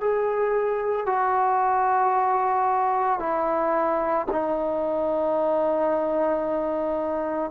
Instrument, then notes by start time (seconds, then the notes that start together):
trombone
0.00 G#4
1.06 F#4
3.19 E4
4.31 D#4